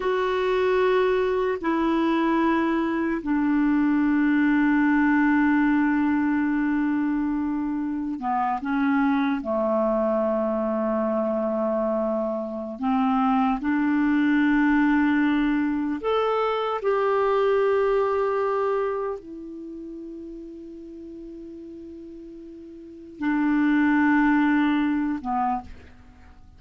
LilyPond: \new Staff \with { instrumentName = "clarinet" } { \time 4/4 \tempo 4 = 75 fis'2 e'2 | d'1~ | d'2~ d'16 b8 cis'4 a16~ | a1 |
c'4 d'2. | a'4 g'2. | e'1~ | e'4 d'2~ d'8 b8 | }